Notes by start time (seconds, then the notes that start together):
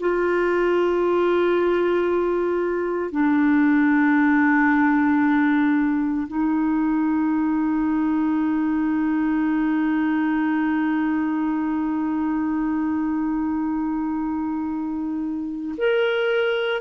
0.00 F4
3.11 D4
6.28 D#4
15.78 A#4